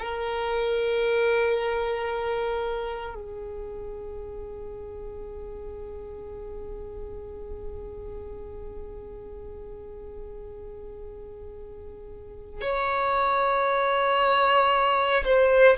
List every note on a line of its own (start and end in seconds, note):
0.00 3.15 A#4
3.15 12.62 G#4
12.62 15.25 C#5
15.25 15.78 C5